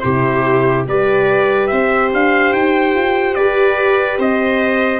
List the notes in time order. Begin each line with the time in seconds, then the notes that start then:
0.00 C3 E4 G4 C5
0.87 G3 G4 B4 D5
1.67 C4 C5 E5
2.13 D4 F5
2.52 D#4 G5
2.94 F4
3.35 G4 B4 D5
4.18 C4 C5 D#5